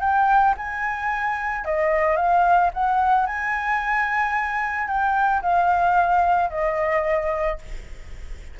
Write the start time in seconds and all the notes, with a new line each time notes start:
0.00 G5
0.57 G#5
1.65 D#5
2.16 F5
2.73 F#5
3.26 G#5
4.87 G5
5.42 F5
6.50 D#5